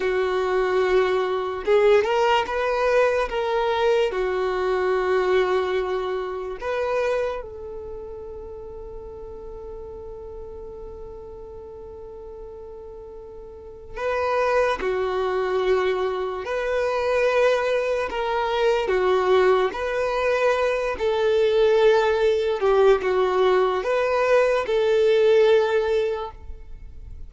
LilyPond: \new Staff \with { instrumentName = "violin" } { \time 4/4 \tempo 4 = 73 fis'2 gis'8 ais'8 b'4 | ais'4 fis'2. | b'4 a'2.~ | a'1~ |
a'4 b'4 fis'2 | b'2 ais'4 fis'4 | b'4. a'2 g'8 | fis'4 b'4 a'2 | }